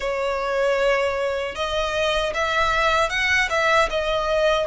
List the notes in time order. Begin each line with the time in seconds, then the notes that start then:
0.00 C#5
1.55 D#5
2.33 E5
3.09 F#5
3.49 E5
3.90 D#5